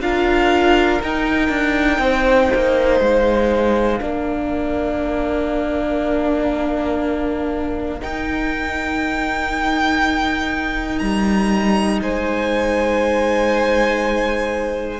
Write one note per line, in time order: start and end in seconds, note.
0.00 1.00 D4
0.00 1.01 F4
0.00 2.01 A#4
0.00 1.01 F5
1.02 4.00 D#4
1.02 1.49 D#4
1.02 3.02 G5
1.49 1.98 D4
1.98 2.48 C4
1.98 4.00 C5
2.54 3.00 A#3
3.00 4.00 G#3
3.00 8.02 F5
4.00 8.01 A#3
4.00 8.00 D4
4.00 12.00 A#4
8.00 15.00 D#4
8.00 11.01 D#4
8.00 10.98 G5
10.98 12.01 G3
10.98 11.98 A#5
12.01 15.00 G#3
12.01 15.00 C5
12.01 15.00 G#5